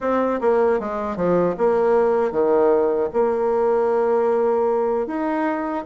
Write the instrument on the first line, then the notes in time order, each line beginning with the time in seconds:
bassoon
0.00 C4
0.40 A#3
0.79 G#3
1.16 F3
1.57 A#3
2.31 D#3
3.13 A#3
5.06 D#4